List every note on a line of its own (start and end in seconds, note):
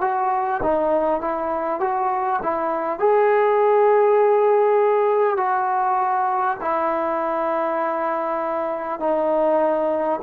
0.00 0.60 F#4
0.62 1.20 D#4
1.20 1.79 E4
1.79 2.39 F#4
2.42 2.99 E4
2.99 5.37 G#4
5.37 6.57 F#4
6.60 8.99 E4
8.99 10.19 D#4